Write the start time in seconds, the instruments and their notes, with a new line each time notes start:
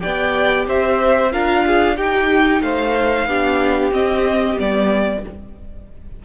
0.00 cello B3, viola G4, violin D5 G5
0.67 cello C4, violin C5 E5
1.31 cello D4, viola F4, violin A#4 F5
1.67 violin G#4
1.97 cello D#4, viola D#4, violin G4 G5
2.61 cello A3, violin C5 F5
3.26 cello B3, viola D4, violin G4
3.92 cello C4, viola C4, violin D#5
4.56 cello G3, viola B3, violin D5